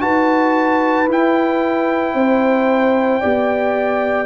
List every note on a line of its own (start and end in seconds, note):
0.00 1.08 D#4
0.00 1.07 F#4
0.00 2.14 B4
0.00 1.08 A5
1.08 2.14 E4
1.08 3.22 E4
1.08 4.26 G5
2.14 3.21 C4
2.14 3.20 C5
3.20 4.26 B3
3.20 4.26 G4
3.20 4.26 D5